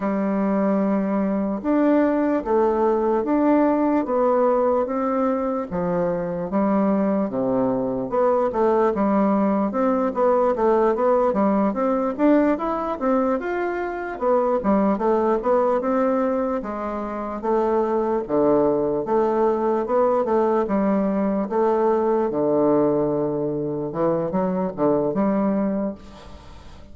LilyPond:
\new Staff \with { instrumentName = "bassoon" } { \time 4/4 \tempo 4 = 74 g2 d'4 a4 | d'4 b4 c'4 f4 | g4 c4 b8 a8 g4 | c'8 b8 a8 b8 g8 c'8 d'8 e'8 |
c'8 f'4 b8 g8 a8 b8 c'8~ | c'8 gis4 a4 d4 a8~ | a8 b8 a8 g4 a4 d8~ | d4. e8 fis8 d8 g4 | }